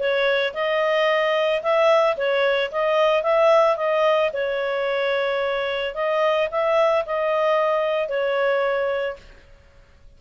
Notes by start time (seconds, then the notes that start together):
0.00 C#5
0.55 D#5
1.63 E5
2.17 C#5
2.72 D#5
3.24 E5
3.77 D#5
4.34 C#5
5.95 D#5
6.51 E5
7.06 D#5
8.09 C#5